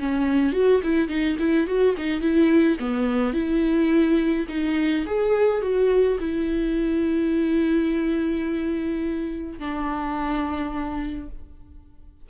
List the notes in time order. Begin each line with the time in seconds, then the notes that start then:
0.00 C#4
0.53 F#4
0.84 E4
1.09 D#4
1.39 E4
1.67 F#4
1.98 D#4
2.22 E4
2.80 B3
3.34 E4
4.49 D#4
5.07 G#4
5.62 F#4
6.20 E4
9.59 D4